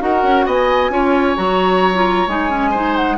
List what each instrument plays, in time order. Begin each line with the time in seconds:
0.00 bassoon D#4, clarinet F#4, oboe A#4, flute F#5
0.23 bassoon C#4
0.46 bassoon B3, oboe D#5, flute G#5
0.90 bassoon C#4, clarinet F4, oboe C#5
1.36 bassoon F#3, clarinet F#4, flute A#5
1.94 clarinet F4
2.27 bassoon G#3, clarinet D#4, flute G#5
2.50 clarinet C#4
2.71 clarinet D#4, oboe C5
2.96 flute F#5